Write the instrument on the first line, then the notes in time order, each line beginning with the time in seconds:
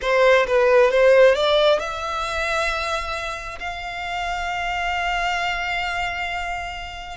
violin
0.01 C5
0.46 B4
0.90 C5
1.34 D5
1.79 E5
3.59 F5